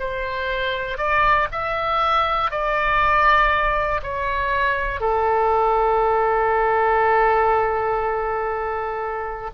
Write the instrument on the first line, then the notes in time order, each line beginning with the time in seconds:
oboe
0.00 C5
0.98 D5
1.52 E5
2.51 D5
4.04 C#5
5.01 A4